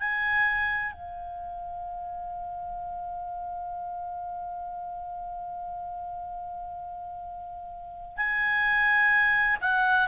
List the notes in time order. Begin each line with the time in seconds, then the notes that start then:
0.00 G#5
0.93 F5
8.17 G#5
9.61 F#5